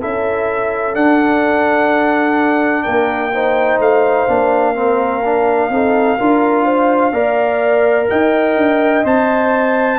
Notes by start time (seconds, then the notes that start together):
0.00 C#4 E4 A4 E5
0.94 D4 F#5
2.83 A#3 A#4 G5
3.33 D#4 C5
3.79 A3 F5
4.28 A#3 D4
4.74 C4 A#4
5.25 D4
5.69 C4 D#4 A4
6.17 D4 F4 A#4
6.65 C5
7.12 A#3 A#4 D5
8.10 D#4 D#5 G5
8.56 D4
9.04 C4 C5 A5